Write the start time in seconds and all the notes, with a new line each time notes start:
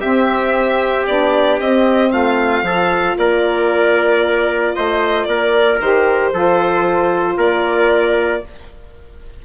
0.00 C4 G4 E5
1.06 B3 D4 D5
1.59 C4 D#5
2.11 A3 F4 F5
2.62 F3 F4 A4
3.17 A#3 A#4 D5
4.75 A3 C5 D#5
5.25 A#3 A#4 D5
5.80 D#3 G4 C5
6.33 F3 F4 A4
7.37 A#3 A#4 D5